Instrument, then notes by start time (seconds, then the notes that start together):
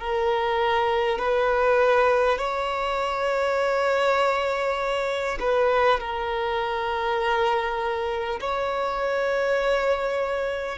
violin
0.00 A#4
1.19 B4
2.38 C#5
5.39 B4
5.99 A#4
8.41 C#5